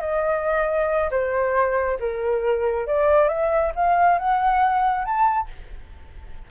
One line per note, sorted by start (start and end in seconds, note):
0.00 1.09 D#5
1.10 1.98 C5
1.99 2.86 A#4
2.86 3.28 D5
3.28 3.72 E5
3.75 4.18 F5
4.18 5.04 F#5
5.04 5.48 A5